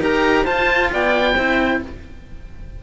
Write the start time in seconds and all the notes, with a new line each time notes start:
0.00 D#4 G4 A#4 A#5
0.44 F4 C5 A5
0.93 B3 D5 G5
1.35 C4 E4 C5